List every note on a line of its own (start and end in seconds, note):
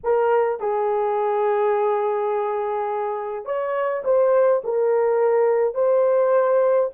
0.03 0.60 A#4
0.60 3.45 G#4
3.45 4.03 C#5
4.04 4.62 C5
4.64 5.74 A#4
5.74 6.89 C5